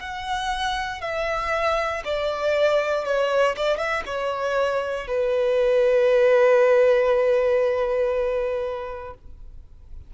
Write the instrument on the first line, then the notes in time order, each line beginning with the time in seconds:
violin
0.00 F#5
1.01 E5
2.05 D5
3.05 C#5
3.57 D5
3.78 E5
4.06 C#5
5.08 B4